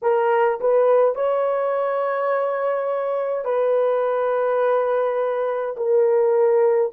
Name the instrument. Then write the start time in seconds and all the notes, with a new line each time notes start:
horn
0.02 A#4
0.60 B4
1.15 C#5
3.45 B4
5.76 A#4